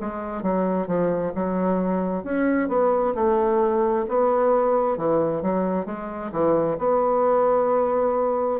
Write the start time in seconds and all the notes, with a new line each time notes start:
0.00 G#3
0.42 F#3
0.87 F3
1.35 F#3
2.24 C#4
2.68 B3
3.14 A3
4.08 B3
4.97 E3
5.42 F#3
5.85 G#3
6.31 E3
6.78 B3